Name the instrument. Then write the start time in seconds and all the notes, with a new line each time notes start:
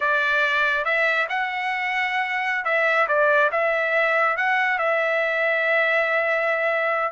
trumpet
0.00 D5
0.84 E5
1.29 F#5
2.64 E5
3.08 D5
3.51 E5
4.37 F#5
4.78 E5